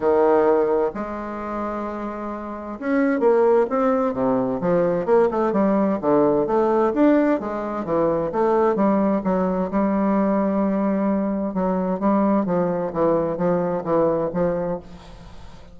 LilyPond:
\new Staff \with { instrumentName = "bassoon" } { \time 4/4 \tempo 4 = 130 dis2 gis2~ | gis2 cis'4 ais4 | c'4 c4 f4 ais8 a8 | g4 d4 a4 d'4 |
gis4 e4 a4 g4 | fis4 g2.~ | g4 fis4 g4 f4 | e4 f4 e4 f4 | }